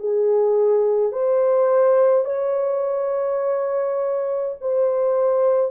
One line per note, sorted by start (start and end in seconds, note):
0.00 1.13 G#4
1.13 2.25 C5
2.25 4.56 C#5
4.62 5.72 C5